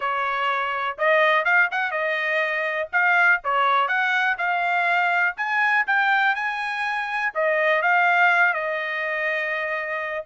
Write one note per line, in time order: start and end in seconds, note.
0.00 0.97 C#5
0.98 1.44 D#5
1.44 1.69 F5
1.71 1.91 F#5
1.91 2.88 D#5
2.92 3.41 F5
3.44 3.88 C#5
3.88 4.36 F#5
4.38 5.35 F5
5.37 5.85 G#5
5.87 6.35 G5
6.35 7.33 G#5
7.34 7.82 D#5
7.82 8.53 F5
8.53 10.24 D#5